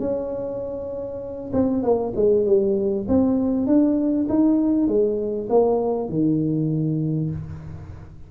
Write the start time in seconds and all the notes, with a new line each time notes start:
0.00 C#4
1.53 C4
1.83 A#3
2.16 G#3
2.46 G3
3.09 C4
3.67 D4
4.29 D#4
4.88 G#3
5.50 A#3
6.09 D#3